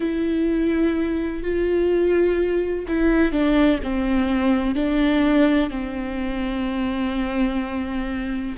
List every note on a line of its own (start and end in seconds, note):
0.00 1.42 E4
1.42 2.85 F4
2.87 3.32 E4
3.32 3.79 D4
3.83 4.75 C4
4.75 5.70 D4
5.70 8.55 C4